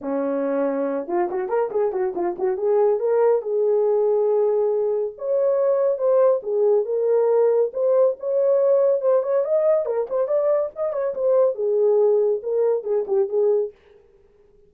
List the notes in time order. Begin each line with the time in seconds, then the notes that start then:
0.01 C#4
1.07 F4
1.30 F#4
1.48 A#4
1.70 G#4
1.92 F#4
2.15 F4
2.38 F#4
2.57 G#4
2.99 A#4
3.41 G#4
5.18 C#5
5.98 C5
6.42 G#4
6.85 A#4
7.73 C5
8.19 C#5
9.01 C5
9.23 C#5
9.44 D#5
9.85 A#4
10.09 C5
10.27 D5
10.75 D#5
10.92 C#5
11.14 C5
11.55 G#4
12.42 A#4
12.83 G#4
13.07 G4
13.29 G#4